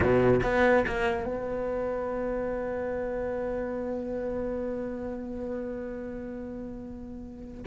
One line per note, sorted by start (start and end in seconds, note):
0.00 0.40 B2
0.42 0.85 B3
0.86 1.25 A#3
1.25 7.63 B3